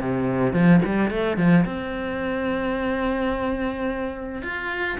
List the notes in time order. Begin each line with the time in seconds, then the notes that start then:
0.00 C3
0.53 F3
0.85 G3
1.10 A3
1.37 F3
1.65 C4
4.42 F4